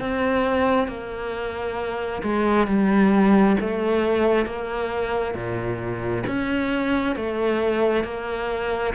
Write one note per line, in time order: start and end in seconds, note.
0.00 0.88 C4
0.88 2.22 A#3
2.23 2.67 G#3
2.67 3.57 G3
3.60 4.46 A3
4.46 5.34 A#3
5.34 6.24 A#2
6.26 7.16 C#4
7.16 8.04 A3
8.04 8.94 A#3